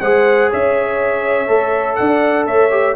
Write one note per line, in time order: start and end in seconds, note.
0.00 0.50 G#3
0.00 1.47 G#4
0.00 0.50 C5
0.00 0.50 F#5
0.50 1.48 C#4
0.50 1.99 C#5
0.50 1.95 E5
1.47 1.98 A3
1.47 2.70 A4
1.95 2.46 D4
1.95 2.47 D5
1.95 2.45 F#5
2.46 2.96 A3
2.46 2.96 C#5
2.46 2.96 E5
2.70 2.95 G4